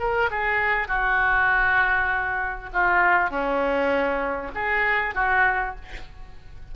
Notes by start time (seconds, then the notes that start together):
0.00 A#4
0.31 G#4
0.88 F#4
2.74 F4
3.31 C#4
4.55 G#4
5.15 F#4